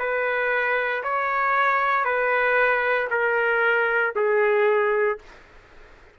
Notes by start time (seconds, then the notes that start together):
0.00 B4
1.04 C#5
2.05 B4
3.11 A#4
4.16 G#4